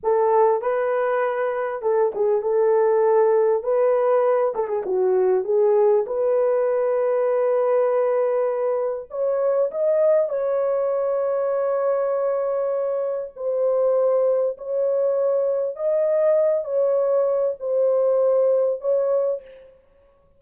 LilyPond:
\new Staff \with { instrumentName = "horn" } { \time 4/4 \tempo 4 = 99 a'4 b'2 a'8 gis'8 | a'2 b'4. a'16 gis'16 | fis'4 gis'4 b'2~ | b'2. cis''4 |
dis''4 cis''2.~ | cis''2 c''2 | cis''2 dis''4. cis''8~ | cis''4 c''2 cis''4 | }